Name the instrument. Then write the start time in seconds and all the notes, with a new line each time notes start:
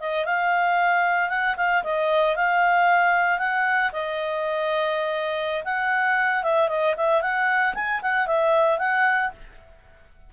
clarinet
0.00 D#5
0.25 F5
1.29 F#5
1.57 F5
1.84 D#5
2.36 F5
3.39 F#5
3.93 D#5
5.64 F#5
6.43 E5
6.68 D#5
6.97 E5
7.21 F#5
7.74 G#5
8.02 F#5
8.27 E5
8.78 F#5